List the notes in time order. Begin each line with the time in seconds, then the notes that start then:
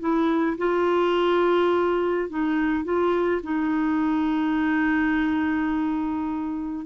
0.00 E4
0.58 F4
2.30 D#4
2.84 F4
3.43 D#4